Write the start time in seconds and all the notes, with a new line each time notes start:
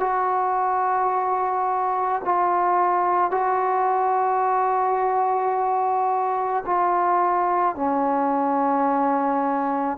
0.00 F#4
2.25 F4
3.31 F#4
6.66 F4
7.76 C#4